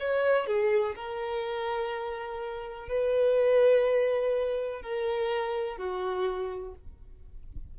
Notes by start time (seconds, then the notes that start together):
0.00 C#5
0.47 G#4
0.96 A#4
2.89 B4
4.82 A#4
5.78 F#4